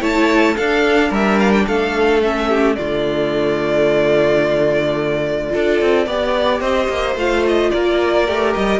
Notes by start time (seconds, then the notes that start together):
0.00 A3 E4 C#5 A5
0.56 D4 A4 F5
1.09 G3 A#4 E5
1.39 F5
1.52 G5
1.67 A3 A4 F5
2.22 C#4 E5
2.49 G4
2.75 D3 A3 F4 D5
5.50 D4 F4 A4
5.81 C4
6.06 B3 G4 D5
6.60 C4 C5 D#5
6.89 A#3
7.15 A3 F4 F5
7.47 D#5
7.71 A#3 A#4 D5
8.27 A3 G4
8.54 G3 D#5